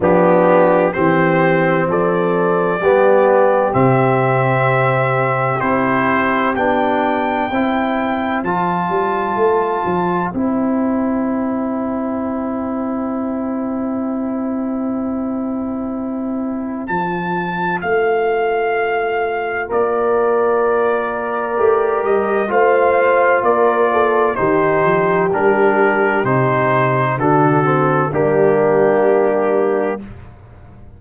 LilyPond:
<<
  \new Staff \with { instrumentName = "trumpet" } { \time 4/4 \tempo 4 = 64 g'4 c''4 d''2 | e''2 c''4 g''4~ | g''4 a''2 g''4~ | g''1~ |
g''2 a''4 f''4~ | f''4 d''2~ d''8 dis''8 | f''4 d''4 c''4 ais'4 | c''4 a'4 g'2 | }
  \new Staff \with { instrumentName = "horn" } { \time 4/4 d'4 g'4 a'4 g'4~ | g'1 | c''1~ | c''1~ |
c''1~ | c''4 ais'2. | c''4 ais'8 a'8 g'2~ | g'4 fis'4 d'2 | }
  \new Staff \with { instrumentName = "trombone" } { \time 4/4 b4 c'2 b4 | c'2 e'4 d'4 | e'4 f'2 e'4~ | e'1~ |
e'2 f'2~ | f'2. g'4 | f'2 dis'4 d'4 | dis'4 d'8 c'8 ais2 | }
  \new Staff \with { instrumentName = "tuba" } { \time 4/4 f4 e4 f4 g4 | c2 c'4 b4 | c'4 f8 g8 a8 f8 c'4~ | c'1~ |
c'2 f4 a4~ | a4 ais2 a8 g8 | a4 ais4 dis8 f8 g4 | c4 d4 g2 | }
>>